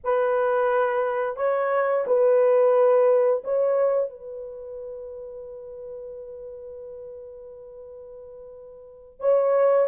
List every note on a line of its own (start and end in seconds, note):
0.03 1.36 B4
1.36 2.04 C#5
2.06 3.43 B4
3.44 4.09 C#5
4.09 9.20 B4
9.20 9.87 C#5